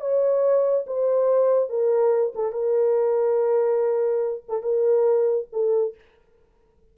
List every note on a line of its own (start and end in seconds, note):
0.00 0.85 C#5
0.86 1.69 C5
1.69 2.33 A#4
2.35 2.52 A4
2.52 4.44 A#4
4.48 4.62 A4
4.62 5.47 A#4
5.52 5.95 A4